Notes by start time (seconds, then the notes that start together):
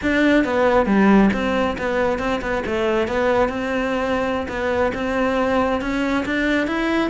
0.02 D4
0.44 B3
0.86 G3
1.33 C4
1.78 B3
2.18 C4
2.41 B3
2.66 A3
3.07 B3
3.48 C4
4.48 B3
4.94 C4
5.81 C#4
6.25 D4
6.67 E4